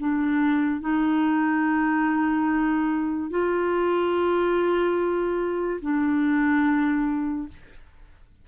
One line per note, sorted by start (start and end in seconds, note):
0.00 0.81 D4
0.81 3.31 D#4
3.31 5.81 F4
5.82 7.48 D4